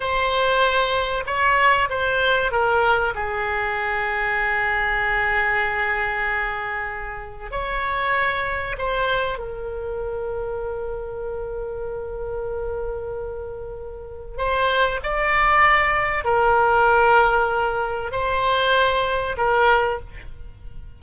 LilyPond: \new Staff \with { instrumentName = "oboe" } { \time 4/4 \tempo 4 = 96 c''2 cis''4 c''4 | ais'4 gis'2.~ | gis'1 | cis''2 c''4 ais'4~ |
ais'1~ | ais'2. c''4 | d''2 ais'2~ | ais'4 c''2 ais'4 | }